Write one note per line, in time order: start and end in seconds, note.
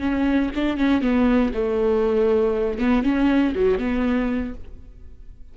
0.00 0.50 C#4
0.56 0.78 D4
0.78 1.02 C#4
1.02 1.52 B3
1.54 2.79 A3
2.79 3.03 B3
3.03 3.54 C#4
3.55 3.79 F#3
3.79 4.54 B3